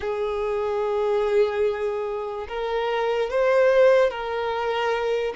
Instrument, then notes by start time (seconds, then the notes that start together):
violin
0.00 G#4
2.48 A#4
3.30 C5
4.10 A#4